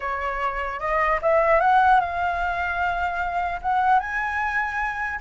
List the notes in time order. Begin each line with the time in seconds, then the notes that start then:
0.00 C#5
0.79 D#5
1.21 E5
1.60 F#5
2.00 F5
3.61 F#5
3.99 G#5